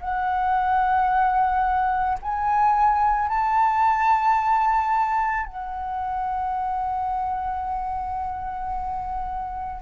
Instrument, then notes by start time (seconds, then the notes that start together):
flute
0.00 F#5
2.22 G#5
3.29 A5
5.46 F#5